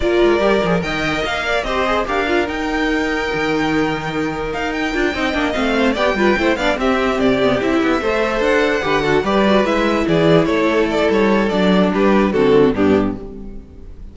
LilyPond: <<
  \new Staff \with { instrumentName = "violin" } { \time 4/4 \tempo 4 = 146 d''2 g''4 f''4 | dis''4 f''4 g''2~ | g''2. f''8 g''8~ | g''4. f''4 g''4. |
f''8 e''4 d''4 e''4.~ | e''8 fis''2 d''4 e''8~ | e''8 d''4 cis''4 d''8 cis''4 | d''4 b'4 a'4 g'4 | }
  \new Staff \with { instrumentName = "violin" } { \time 4/4 ais'2 dis''4. d''8 | c''4 ais'2.~ | ais'1~ | ais'8 dis''4. c''8 d''8 b'8 c''8 |
d''8 g'2. c''8~ | c''4. b'8 a'8 b'4.~ | b'8 gis'4 a'2~ a'8~ | a'4 g'4 fis'4 d'4 | }
  \new Staff \with { instrumentName = "viola" } { \time 4/4 f'4 g'8 gis'8 ais'2 | g'8 gis'8 g'8 f'8 dis'2~ | dis'1 | f'8 dis'8 d'8 c'4 g'8 f'8 e'8 |
d'8 c'4. b8 e'4 a'8~ | a'4. g'8 fis'8 g'8 fis'8 e'8~ | e'1 | d'2 c'4 b4 | }
  \new Staff \with { instrumentName = "cello" } { \time 4/4 ais8 gis8 g8 f8 dis4 ais4 | c'4 d'4 dis'2 | dis2. dis'4 | d'8 c'8 ais8 a4 b8 g8 a8 |
b8 c'4 c4 c'8 b8 a8~ | a8 d'4 d4 g4 gis8~ | gis8 e4 a4. g4 | fis4 g4 d4 g,4 | }
>>